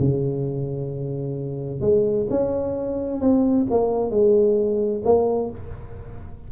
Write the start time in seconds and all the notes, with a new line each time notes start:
0.00 C#3
1.81 G#3
2.30 C#4
3.21 C4
3.71 A#3
4.11 G#3
5.05 A#3